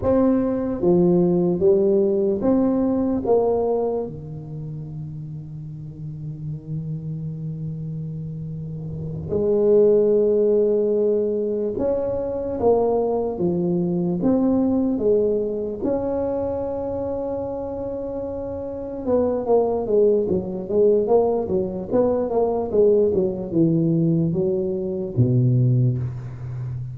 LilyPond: \new Staff \with { instrumentName = "tuba" } { \time 4/4 \tempo 4 = 74 c'4 f4 g4 c'4 | ais4 dis2.~ | dis2.~ dis8 gis8~ | gis2~ gis8 cis'4 ais8~ |
ais8 f4 c'4 gis4 cis'8~ | cis'2.~ cis'8 b8 | ais8 gis8 fis8 gis8 ais8 fis8 b8 ais8 | gis8 fis8 e4 fis4 b,4 | }